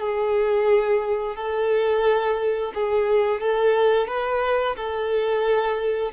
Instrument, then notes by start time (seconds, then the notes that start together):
violin
0.00 G#4
1.36 A4
2.75 G#4
3.41 A4
4.08 B4
4.76 A4